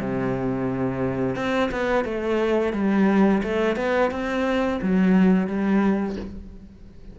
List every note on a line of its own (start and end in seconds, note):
0.00 1.36 C3
1.36 1.71 C4
1.72 2.05 B3
2.05 2.73 A3
2.73 3.42 G3
3.43 3.76 A3
3.76 4.11 B3
4.11 4.80 C4
4.82 5.47 F#3
5.47 6.16 G3